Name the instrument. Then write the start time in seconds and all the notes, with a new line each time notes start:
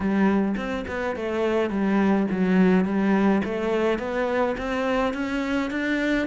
cello
0.00 G3
0.56 C4
0.87 B3
1.16 A3
1.69 G3
2.31 F#3
2.84 G3
3.44 A3
3.98 B3
4.57 C4
5.13 C#4
5.71 D4